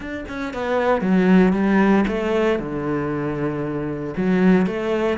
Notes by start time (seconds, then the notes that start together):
0.00 D4
0.28 C#4
0.53 B3
1.01 F#3
1.53 G3
2.07 A3
2.59 D3
4.16 F#3
4.66 A3